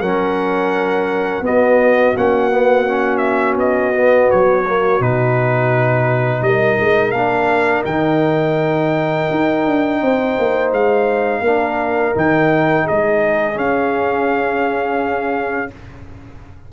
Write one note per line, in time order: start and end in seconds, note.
0.00 1.41 F#3
0.00 1.43 C#4
0.00 1.43 A#4
0.00 1.44 F#5
1.41 2.12 B3
1.41 2.15 B3
1.41 6.45 F#4
1.41 2.17 D#5
2.16 3.55 A#3
2.16 2.51 C#4
2.16 3.18 F#5
2.51 2.86 B3
2.86 3.93 C#4
3.18 3.53 E5
3.55 4.27 B3
3.55 4.30 D#5
3.93 4.65 B3
4.30 5.00 F#3
4.30 5.02 C#5
4.66 5.00 A#3
5.00 6.41 B2
5.00 7.14 D#4
5.00 6.43 B4
6.41 6.77 G3
6.41 10.02 A#4
6.41 7.11 D#5
6.80 7.12 G#3
7.11 7.84 A#3
7.11 7.87 D4
7.11 7.82 F5
7.85 9.28 D#3
7.85 11.45 D#4
7.85 10.71 G5
9.30 9.66 D#4
9.66 10.01 D4
10.01 10.37 C4
10.01 11.43 C5
10.38 10.72 A#3
10.72 11.41 G#3
10.72 12.16 F5
11.41 12.12 A#3
11.41 12.14 D4
11.41 12.84 A#4
12.14 12.87 D#3
12.14 13.53 D#4
12.14 12.87 G5
12.84 15.70 G#4
12.84 13.58 D#5
12.90 13.56 G#3
13.53 15.68 C#4
13.53 15.71 C#4
13.53 15.72 F5